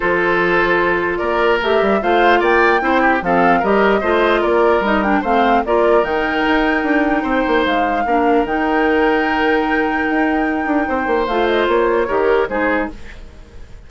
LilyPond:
<<
  \new Staff \with { instrumentName = "flute" } { \time 4/4 \tempo 4 = 149 c''2. d''4 | e''4 f''4 g''2 | f''4 dis''2 d''4 | dis''8 g''8 f''4 d''4 g''4~ |
g''2. f''4~ | f''4 g''2.~ | g''1 | f''8 dis''8 cis''2 c''4 | }
  \new Staff \with { instrumentName = "oboe" } { \time 4/4 a'2. ais'4~ | ais'4 c''4 d''4 c''8 g'8 | a'4 ais'4 c''4 ais'4~ | ais'4 c''4 ais'2~ |
ais'2 c''2 | ais'1~ | ais'2. c''4~ | c''2 ais'4 gis'4 | }
  \new Staff \with { instrumentName = "clarinet" } { \time 4/4 f'1 | g'4 f'2 e'4 | c'4 g'4 f'2 | dis'8 d'8 c'4 f'4 dis'4~ |
dis'1 | d'4 dis'2.~ | dis'1 | f'2 g'4 dis'4 | }
  \new Staff \with { instrumentName = "bassoon" } { \time 4/4 f2. ais4 | a8 g8 a4 ais4 c'4 | f4 g4 a4 ais4 | g4 a4 ais4 dis4 |
dis'4 d'4 c'8 ais8 gis4 | ais4 dis2.~ | dis4 dis'4. d'8 c'8 ais8 | a4 ais4 dis4 gis4 | }
>>